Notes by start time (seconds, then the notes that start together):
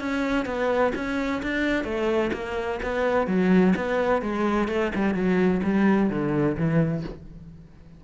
0.00 C#4
0.46 B3
0.95 C#4
1.43 D4
1.85 A3
2.33 A#3
2.83 B3
3.27 F#3
3.76 B3
4.22 G#3
4.69 A3
4.95 G3
5.14 F#3
5.64 G3
6.10 D3
6.57 E3